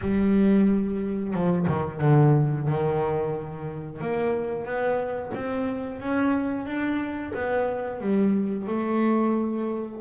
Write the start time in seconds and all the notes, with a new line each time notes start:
0.01 G3
1.33 F3
1.67 D#3
2.00 D3
2.67 D#3
4.00 A#3
4.65 B3
5.34 C4
6.00 C#4
6.65 D4
7.34 B3
8.01 G3
8.67 A3